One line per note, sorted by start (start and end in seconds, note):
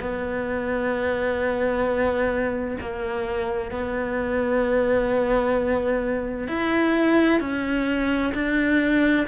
0.00 2.77 B3
2.81 3.71 A#3
3.71 6.48 B3
6.48 7.40 E4
7.40 8.32 C#4
8.34 9.26 D4